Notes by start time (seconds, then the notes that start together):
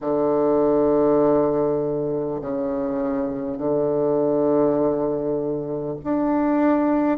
0.00 D3
2.41 C#3
3.57 D3
6.03 D4